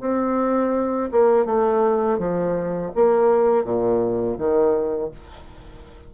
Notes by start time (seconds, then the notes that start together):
0.00 C4
1.11 A#3
1.45 A3
2.18 F3
2.95 A#3
3.64 A#2
4.38 D#3